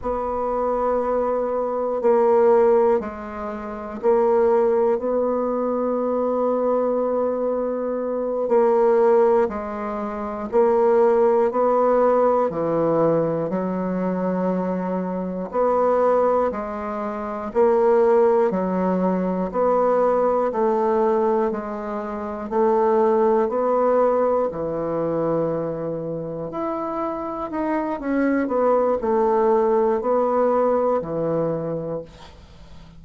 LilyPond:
\new Staff \with { instrumentName = "bassoon" } { \time 4/4 \tempo 4 = 60 b2 ais4 gis4 | ais4 b2.~ | b8 ais4 gis4 ais4 b8~ | b8 e4 fis2 b8~ |
b8 gis4 ais4 fis4 b8~ | b8 a4 gis4 a4 b8~ | b8 e2 e'4 dis'8 | cis'8 b8 a4 b4 e4 | }